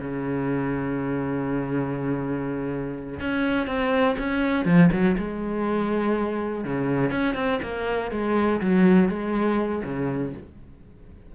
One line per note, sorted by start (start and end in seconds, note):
0.00 3.20 C#3
3.20 3.67 C#4
3.67 4.16 C4
4.18 4.65 C#4
4.65 4.90 F3
4.92 5.16 F#3
5.17 6.64 G#3
6.64 7.11 C#3
7.11 7.35 C#4
7.35 7.59 C4
7.62 8.11 A#3
8.11 8.60 G#3
8.61 9.09 F#3
9.09 9.82 G#3
9.84 10.33 C#3